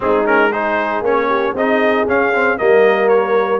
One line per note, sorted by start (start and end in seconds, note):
0.00 1.01 G#3
0.00 0.24 C4
0.00 0.49 D#4
0.00 0.26 G#4
0.24 0.50 C#4
0.24 0.52 A#4
0.49 1.04 D#4
0.49 1.27 G#4
0.49 1.03 C5
1.01 1.53 A#3
1.01 1.56 C#4
1.01 1.56 C#5
1.28 1.54 G4
1.53 2.05 C4
1.53 2.07 D#4
1.53 2.59 G#4
1.53 2.08 D#5
2.07 2.33 C#4
2.07 2.59 C#4
2.07 2.58 F5
2.33 2.57 C4
2.57 3.60 G3
2.57 3.60 A#3
2.57 3.60 A#4
2.57 3.08 D#5
3.08 3.60 C#5